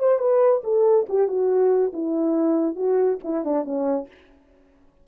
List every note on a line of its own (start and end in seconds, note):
0.00 0.19 C5
0.19 0.62 B4
0.64 1.07 A4
1.10 1.28 G4
1.28 1.93 F#4
1.94 2.76 E4
2.76 3.19 F#4
3.24 3.45 E4
3.45 3.65 D4
3.65 4.08 C#4